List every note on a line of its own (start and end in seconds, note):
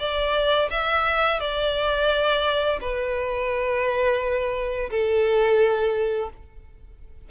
0.00 0.70 D5
0.71 1.40 E5
1.40 2.80 D5
2.81 4.91 B4
4.91 6.30 A4